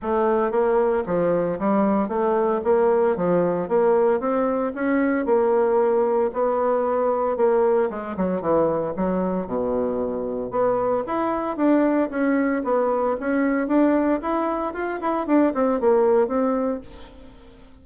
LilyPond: \new Staff \with { instrumentName = "bassoon" } { \time 4/4 \tempo 4 = 114 a4 ais4 f4 g4 | a4 ais4 f4 ais4 | c'4 cis'4 ais2 | b2 ais4 gis8 fis8 |
e4 fis4 b,2 | b4 e'4 d'4 cis'4 | b4 cis'4 d'4 e'4 | f'8 e'8 d'8 c'8 ais4 c'4 | }